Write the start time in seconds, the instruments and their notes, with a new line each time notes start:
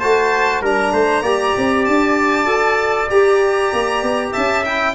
0.00 tuba A3, trombone F#4, trumpet C5, violin A5
0.62 tuba G3, trombone D4, trumpet A#4, violin A#5
0.93 tuba A3, trumpet C5
1.22 tuba A#3, trombone G4, trumpet D5
1.58 tuba C4
1.85 tuba D4, violin A5
2.45 tuba F#4, trombone A4
3.10 trombone G4, tuba G4, violin A#5
3.73 tuba A#3
4.03 tuba B3
4.32 tuba C#4, trumpet E5, violin A5
4.65 trombone E4, violin G5